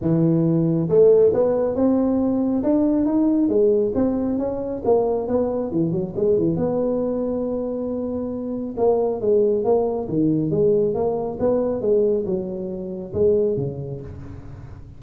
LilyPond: \new Staff \with { instrumentName = "tuba" } { \time 4/4 \tempo 4 = 137 e2 a4 b4 | c'2 d'4 dis'4 | gis4 c'4 cis'4 ais4 | b4 e8 fis8 gis8 e8 b4~ |
b1 | ais4 gis4 ais4 dis4 | gis4 ais4 b4 gis4 | fis2 gis4 cis4 | }